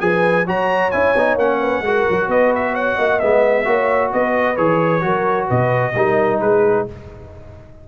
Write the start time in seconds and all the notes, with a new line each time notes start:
0.00 F3 G#4 B4 G#5
0.46 F#3 F#4 C#5 A#5
0.91 C#4 E4 G#5
1.16 B3 D#4
1.36 A#3 C#4 F#5
1.60 B4
1.81 G#3 F#4 A#4
2.10 F#3
2.28 B3 B4 D#5
2.56 E5
2.73 C#5 F#5
2.96 A#3 D#5
3.20 G#3 B3 E5
3.65 A#3 F#4 C#5
4.13 B3 B4 D#5
4.57 E3 G#4 C#5
5.01 F#3 F#4 A#4
5.47 B2 B4 D#5
5.95 G3 D#4 A#4
6.41 G#3 G#4 B4